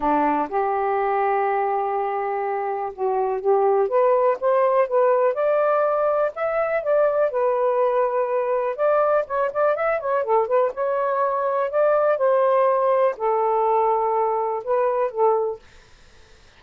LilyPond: \new Staff \with { instrumentName = "saxophone" } { \time 4/4 \tempo 4 = 123 d'4 g'2.~ | g'2 fis'4 g'4 | b'4 c''4 b'4 d''4~ | d''4 e''4 d''4 b'4~ |
b'2 d''4 cis''8 d''8 | e''8 cis''8 a'8 b'8 cis''2 | d''4 c''2 a'4~ | a'2 b'4 a'4 | }